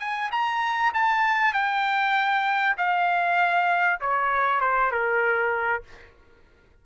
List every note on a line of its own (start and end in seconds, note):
0.00 0.31 G#5
0.32 0.93 A#5
0.94 1.54 A5
1.54 2.76 G5
2.78 4.00 F5
4.01 4.61 C#5
4.61 4.92 C5
4.92 5.84 A#4